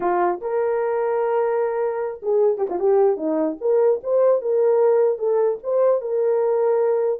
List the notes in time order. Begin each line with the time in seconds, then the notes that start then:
0.00 F4
0.41 A#4
2.22 G#4
2.57 G4
2.69 F4
2.79 G4
3.16 D#4
3.61 A#4
4.03 C5
4.41 A#4
5.18 A4
5.63 C5
6.01 A#4